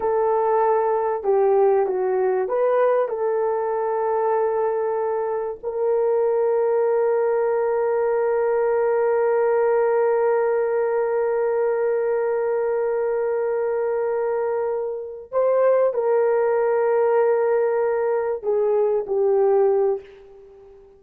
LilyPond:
\new Staff \with { instrumentName = "horn" } { \time 4/4 \tempo 4 = 96 a'2 g'4 fis'4 | b'4 a'2.~ | a'4 ais'2.~ | ais'1~ |
ais'1~ | ais'1~ | ais'8 c''4 ais'2~ ais'8~ | ais'4. gis'4 g'4. | }